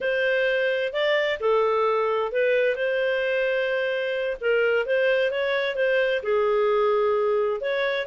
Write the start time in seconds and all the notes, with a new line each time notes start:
0.01 C5
0.92 D5
1.40 A4
2.32 B4
2.75 C5
4.40 A#4
4.86 C5
5.31 C#5
5.75 C5
6.22 G#4
7.60 C#5